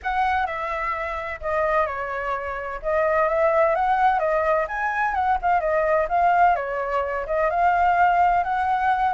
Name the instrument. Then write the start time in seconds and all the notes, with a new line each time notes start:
flute
0.02 F#5
0.46 E5
1.40 D#5
1.86 C#5
2.82 D#5
3.28 E5
3.75 F#5
4.19 D#5
4.68 G#5
5.14 F#5
5.41 F5
5.60 D#5
6.09 F5
6.55 C#5
7.26 D#5
7.50 F5
8.43 F#5